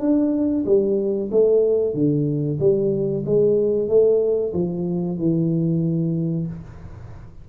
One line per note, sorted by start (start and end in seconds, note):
0.00 0.65 D4
0.65 1.30 G3
1.31 1.94 A3
1.94 2.58 D3
2.60 3.24 G3
3.26 3.89 G#3
3.89 4.53 A3
4.54 5.18 F3
5.18 6.47 E3